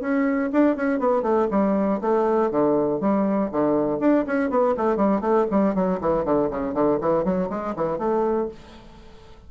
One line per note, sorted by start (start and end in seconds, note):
0.00 0.50 C#4
0.52 0.75 D4
0.75 0.99 C#4
0.99 1.22 B3
1.22 1.47 A3
1.50 2.00 G3
2.01 2.50 A3
2.50 3.00 D3
3.00 3.50 G3
3.51 3.99 D3
3.99 4.24 D4
4.26 4.50 C#4
4.50 4.75 B3
4.77 4.96 A3
4.96 5.20 G3
5.20 5.45 A3
5.50 5.74 G3
5.74 5.99 F#3
6.00 6.24 E3
6.24 6.49 D3
6.50 6.73 C#3
6.73 6.98 D3
7.00 7.24 E3
7.24 7.49 F#3
7.49 7.74 G#3
7.76 7.98 E3
7.98 8.48 A3